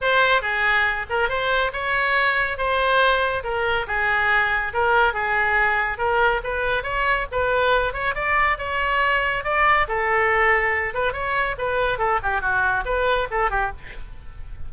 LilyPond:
\new Staff \with { instrumentName = "oboe" } { \time 4/4 \tempo 4 = 140 c''4 gis'4. ais'8 c''4 | cis''2 c''2 | ais'4 gis'2 ais'4 | gis'2 ais'4 b'4 |
cis''4 b'4. cis''8 d''4 | cis''2 d''4 a'4~ | a'4. b'8 cis''4 b'4 | a'8 g'8 fis'4 b'4 a'8 g'8 | }